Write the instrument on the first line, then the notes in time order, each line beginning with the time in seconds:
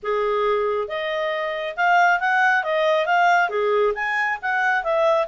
clarinet
0.02 G#4
0.87 D#5
1.76 F5
2.19 F#5
2.63 D#5
3.06 F5
3.49 G#4
3.94 G#5
4.42 F#5
4.83 E5